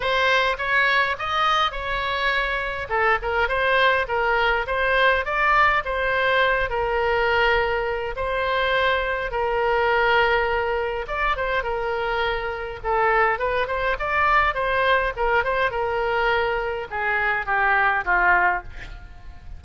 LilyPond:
\new Staff \with { instrumentName = "oboe" } { \time 4/4 \tempo 4 = 103 c''4 cis''4 dis''4 cis''4~ | cis''4 a'8 ais'8 c''4 ais'4 | c''4 d''4 c''4. ais'8~ | ais'2 c''2 |
ais'2. d''8 c''8 | ais'2 a'4 b'8 c''8 | d''4 c''4 ais'8 c''8 ais'4~ | ais'4 gis'4 g'4 f'4 | }